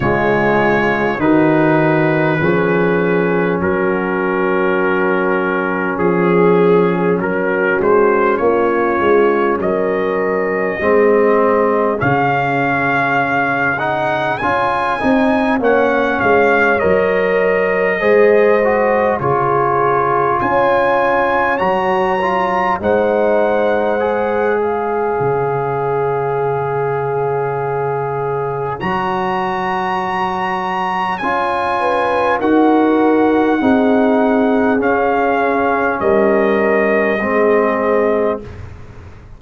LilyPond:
<<
  \new Staff \with { instrumentName = "trumpet" } { \time 4/4 \tempo 4 = 50 cis''4 b'2 ais'4~ | ais'4 gis'4 ais'8 c''8 cis''4 | dis''2 f''4. fis''8 | gis''4 fis''8 f''8 dis''2 |
cis''4 gis''4 ais''4 fis''4~ | fis''8 f''2.~ f''8 | ais''2 gis''4 fis''4~ | fis''4 f''4 dis''2 | }
  \new Staff \with { instrumentName = "horn" } { \time 4/4 f'4 fis'4 gis'4 fis'4~ | fis'4 gis'4 fis'4 f'4 | ais'4 gis'2.~ | gis'4 cis''2 c''4 |
gis'4 cis''2 c''4~ | c''8 cis''2.~ cis''8~ | cis''2~ cis''8 b'8 ais'4 | gis'2 ais'4 gis'4 | }
  \new Staff \with { instrumentName = "trombone" } { \time 4/4 gis4 dis'4 cis'2~ | cis'1~ | cis'4 c'4 cis'4. dis'8 | f'8 dis'8 cis'4 ais'4 gis'8 fis'8 |
f'2 fis'8 f'8 dis'4 | gis'1 | fis'2 f'4 fis'4 | dis'4 cis'2 c'4 | }
  \new Staff \with { instrumentName = "tuba" } { \time 4/4 cis4 dis4 f4 fis4~ | fis4 f4 fis8 gis8 ais8 gis8 | fis4 gis4 cis2 | cis'8 c'8 ais8 gis8 fis4 gis4 |
cis4 cis'4 fis4 gis4~ | gis4 cis2. | fis2 cis'4 dis'4 | c'4 cis'4 g4 gis4 | }
>>